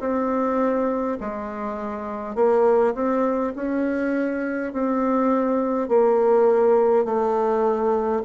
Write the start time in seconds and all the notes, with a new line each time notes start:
0.00 C4
1.20 G#3
2.35 A#3
2.95 C4
3.56 C#4
4.73 C4
5.88 A#3
7.05 A3